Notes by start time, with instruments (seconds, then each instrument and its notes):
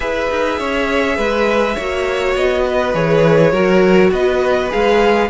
0.00 cello E4, viola G#4, violin B4 E5
0.30 cello D#4
0.58 cello C#4, violin C#5
1.16 cello G#3, violin B4
1.74 cello A#3, viola F#4, violin C#5
2.35 cello B3, violin D#5
2.65 violin B4
2.93 cello E3, viola G#4, violin C#5
3.51 cello F#3, viola F#4, violin A#4
4.11 cello B3, violin B4 D#5
4.69 cello G#3, viola G#4, violin F5